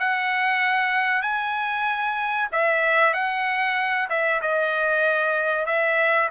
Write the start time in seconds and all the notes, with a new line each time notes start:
0.00 F#5
1.22 G#5
2.52 E5
3.14 F#5
4.10 E5
4.42 D#5
5.66 E5